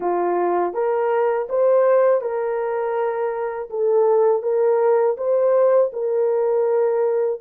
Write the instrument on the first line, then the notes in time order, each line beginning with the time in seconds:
horn
0.00 F4
0.73 A#4
1.49 C5
2.21 A#4
3.69 A4
4.42 A#4
5.17 C5
5.92 A#4